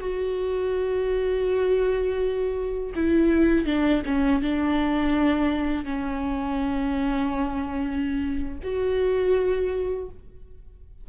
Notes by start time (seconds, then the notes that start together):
0.00 F#4
2.95 E4
3.66 D4
4.06 C#4
4.42 D4
5.84 C#4
8.63 F#4